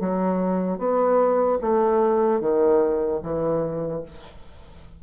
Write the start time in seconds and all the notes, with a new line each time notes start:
0.00 F#3
0.79 B3
1.61 A3
2.40 D#3
3.23 E3